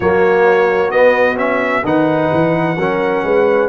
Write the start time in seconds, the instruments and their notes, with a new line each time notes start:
0.00 tuba F#3, trombone A#3, horn F#4, trumpet C#5
0.90 tuba B3, trombone B3, trumpet D#5
1.36 trombone C#4, trumpet E5
1.83 tuba D#3, trombone D#4, horn B4, trumpet F#5
2.33 tuba E3
2.77 tuba F#3, trombone C#4, horn A#4
3.23 tuba G#3, horn B4